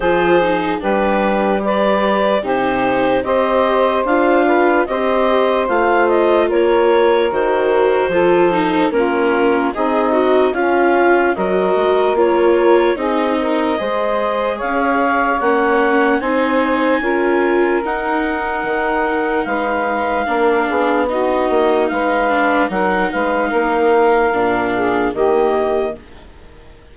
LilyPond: <<
  \new Staff \with { instrumentName = "clarinet" } { \time 4/4 \tempo 4 = 74 c''4 b'4 d''4 c''4 | dis''4 f''4 dis''4 f''8 dis''8 | cis''4 c''2 ais'4 | dis''4 f''4 dis''4 cis''4 |
dis''2 f''4 fis''4 | gis''2 fis''2 | f''2 dis''4 f''4 | fis''8 f''2~ f''8 dis''4 | }
  \new Staff \with { instrumentName = "saxophone" } { \time 4/4 gis'4 g'4 b'4 g'4 | c''4. b'8 c''2 | ais'2 a'4 f'4 | dis'4 cis'4 ais'2 |
gis'8 ais'8 c''4 cis''2 | c''4 ais'2. | b'4 ais'8 gis'8 fis'4 b'4 | ais'8 b'8 ais'4. gis'8 g'4 | }
  \new Staff \with { instrumentName = "viola" } { \time 4/4 f'8 dis'8 d'4 g'4 dis'4 | g'4 f'4 g'4 f'4~ | f'4 fis'4 f'8 dis'8 cis'4 | gis'8 fis'8 f'4 fis'4 f'4 |
dis'4 gis'2 cis'4 | dis'4 f'4 dis'2~ | dis'4 d'4 dis'4. d'8 | dis'2 d'4 ais4 | }
  \new Staff \with { instrumentName = "bassoon" } { \time 4/4 f4 g2 c4 | c'4 d'4 c'4 a4 | ais4 dis4 f4 ais4 | c'4 cis'4 fis8 gis8 ais4 |
c'4 gis4 cis'4 ais4 | c'4 cis'4 dis'4 dis4 | gis4 ais8 b4 ais8 gis4 | fis8 gis8 ais4 ais,4 dis4 | }
>>